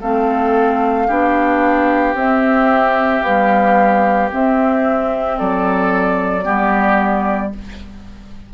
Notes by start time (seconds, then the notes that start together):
0.00 A3 C4 A4 F5
1.07 B3 D4 G4
2.14 C4 E5
3.22 G3 B3 F5
4.31 C4 E5
5.38 F#3 A4 D5
6.43 G3 B3 G4